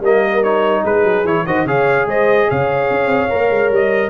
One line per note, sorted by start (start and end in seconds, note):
0.00 0.82 G3
0.00 0.43 A#3
0.00 0.82 A#4
0.00 0.43 D#5
0.43 1.25 D#4
0.43 0.84 C#5
0.83 1.03 G#3
0.83 1.45 G#4
0.83 1.26 B4
1.03 1.24 F#3
1.24 1.45 E3
1.24 1.45 E4
1.24 1.46 C#5
1.46 1.65 D#3
1.46 1.67 F#4
1.46 1.66 C5
1.46 1.66 D#5
1.65 2.06 C#3
1.65 3.29 G#4
1.65 2.07 C#5
1.65 2.08 F5
2.06 2.47 G#3
2.06 2.48 C5
2.06 2.50 D#5
2.48 2.90 C#3
2.48 4.10 C#5
2.48 3.73 F5
2.90 3.06 C#4
3.06 3.27 C4
3.29 3.50 A#3
3.29 4.10 A#4
3.50 3.70 G#3
3.70 4.10 G3
3.70 4.10 D#5